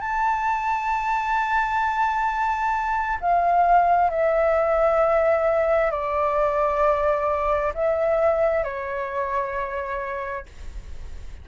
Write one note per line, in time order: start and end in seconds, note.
0.00 3.18 A5
3.21 4.10 F5
4.10 5.91 E5
5.91 7.73 D5
7.74 8.64 E5
8.64 10.45 C#5